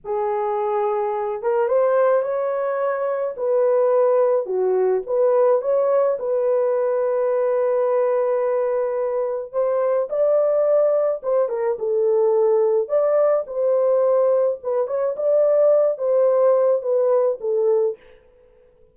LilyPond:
\new Staff \with { instrumentName = "horn" } { \time 4/4 \tempo 4 = 107 gis'2~ gis'8 ais'8 c''4 | cis''2 b'2 | fis'4 b'4 cis''4 b'4~ | b'1~ |
b'4 c''4 d''2 | c''8 ais'8 a'2 d''4 | c''2 b'8 cis''8 d''4~ | d''8 c''4. b'4 a'4 | }